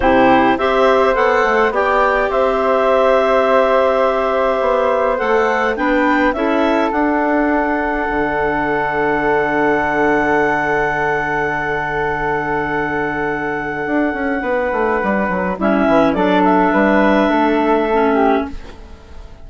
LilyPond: <<
  \new Staff \with { instrumentName = "clarinet" } { \time 4/4 \tempo 4 = 104 c''4 e''4 fis''4 g''4 | e''1~ | e''4 fis''4 g''4 e''4 | fis''1~ |
fis''1~ | fis''1~ | fis''2. e''4 | d''8 e''2.~ e''8 | }
  \new Staff \with { instrumentName = "flute" } { \time 4/4 g'4 c''2 d''4 | c''1~ | c''2 b'4 a'4~ | a'1~ |
a'1~ | a'1~ | a'4 b'2 e'4 | a'4 b'4 a'4. g'8 | }
  \new Staff \with { instrumentName = "clarinet" } { \time 4/4 e'4 g'4 a'4 g'4~ | g'1~ | g'4 a'4 d'4 e'4 | d'1~ |
d'1~ | d'1~ | d'2. cis'4 | d'2. cis'4 | }
  \new Staff \with { instrumentName = "bassoon" } { \time 4/4 c4 c'4 b8 a8 b4 | c'1 | b4 a4 b4 cis'4 | d'2 d2~ |
d1~ | d1 | d'8 cis'8 b8 a8 g8 fis8 g8 e8 | fis4 g4 a2 | }
>>